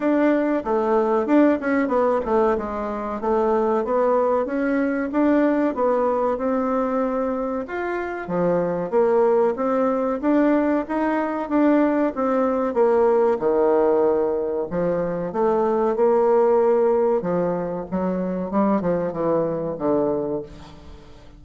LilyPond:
\new Staff \with { instrumentName = "bassoon" } { \time 4/4 \tempo 4 = 94 d'4 a4 d'8 cis'8 b8 a8 | gis4 a4 b4 cis'4 | d'4 b4 c'2 | f'4 f4 ais4 c'4 |
d'4 dis'4 d'4 c'4 | ais4 dis2 f4 | a4 ais2 f4 | fis4 g8 f8 e4 d4 | }